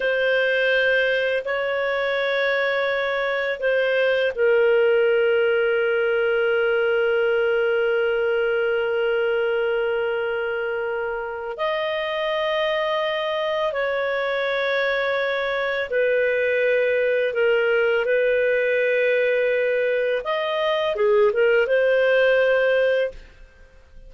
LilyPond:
\new Staff \with { instrumentName = "clarinet" } { \time 4/4 \tempo 4 = 83 c''2 cis''2~ | cis''4 c''4 ais'2~ | ais'1~ | ais'1 |
dis''2. cis''4~ | cis''2 b'2 | ais'4 b'2. | dis''4 gis'8 ais'8 c''2 | }